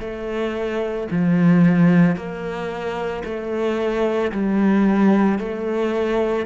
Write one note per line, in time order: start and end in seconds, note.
0.00 1.07 A3
1.11 2.16 F3
2.16 3.23 A#3
3.24 4.31 A3
4.31 5.39 G3
5.39 6.45 A3